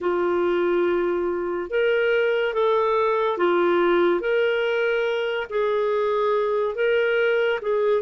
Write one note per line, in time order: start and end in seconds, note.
0.00 1.69 F4
1.69 2.53 A#4
2.53 3.37 A4
3.37 4.20 F4
4.20 5.47 A#4
5.49 6.75 G#4
6.75 7.59 A#4
7.61 8.01 G#4